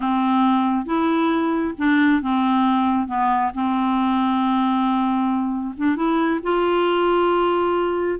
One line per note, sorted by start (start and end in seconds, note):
0.00 0.85 C4
0.85 1.73 E4
1.77 2.22 D4
2.22 3.07 C4
3.07 3.51 B3
3.54 5.75 C4
5.77 5.96 D4
5.96 6.40 E4
6.43 8.19 F4